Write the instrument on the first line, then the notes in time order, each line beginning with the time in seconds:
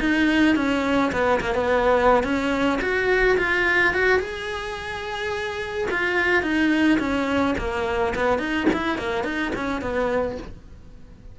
cello
0.00 D#4
0.56 C#4
1.12 B3
1.41 A#3
1.55 B3
2.24 C#4
2.81 F#4
3.38 F4
3.94 F#4
4.20 G#4
5.91 F4
6.43 D#4
6.99 C#4
7.58 A#3
8.15 B3
8.39 D#4
8.73 E4
8.98 A#3
9.24 D#4
9.56 C#4
9.82 B3